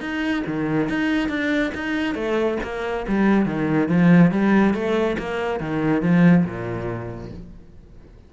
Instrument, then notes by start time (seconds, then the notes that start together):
cello
0.00 D#4
0.46 D#3
0.89 D#4
1.29 D4
1.74 D#4
2.14 A3
2.63 A#3
3.08 G3
3.45 D#3
3.88 F3
4.31 G3
4.74 A3
5.18 A#3
5.60 D#3
6.02 F3
6.45 A#2